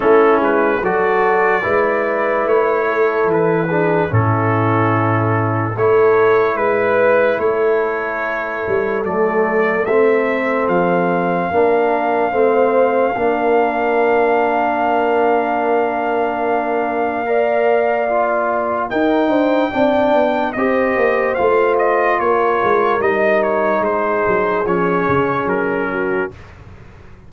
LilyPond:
<<
  \new Staff \with { instrumentName = "trumpet" } { \time 4/4 \tempo 4 = 73 a'8 b'8 d''2 cis''4 | b'4 a'2 cis''4 | b'4 cis''2 d''4 | e''4 f''2.~ |
f''1~ | f''2. g''4~ | g''4 dis''4 f''8 dis''8 cis''4 | dis''8 cis''8 c''4 cis''4 ais'4 | }
  \new Staff \with { instrumentName = "horn" } { \time 4/4 e'4 a'4 b'4. a'8~ | a'8 gis'8 e'2 a'4 | b'4 a'2.~ | a'2 ais'4 c''4 |
ais'1~ | ais'4 d''2 ais'8 c''8 | d''4 c''2 ais'4~ | ais'4 gis'2~ gis'8 fis'8 | }
  \new Staff \with { instrumentName = "trombone" } { \time 4/4 cis'4 fis'4 e'2~ | e'8 d'8 cis'2 e'4~ | e'2. a4 | c'2 d'4 c'4 |
d'1~ | d'4 ais'4 f'4 dis'4 | d'4 g'4 f'2 | dis'2 cis'2 | }
  \new Staff \with { instrumentName = "tuba" } { \time 4/4 a8 gis8 fis4 gis4 a4 | e4 a,2 a4 | gis4 a4. g8 fis4 | a4 f4 ais4 a4 |
ais1~ | ais2. dis'8 d'8 | c'8 b8 c'8 ais8 a4 ais8 gis8 | g4 gis8 fis8 f8 cis8 fis4 | }
>>